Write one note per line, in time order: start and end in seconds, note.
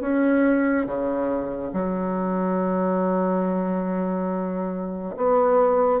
0.00 0.86 C#4
0.86 1.72 C#3
1.73 5.15 F#3
5.16 6.00 B3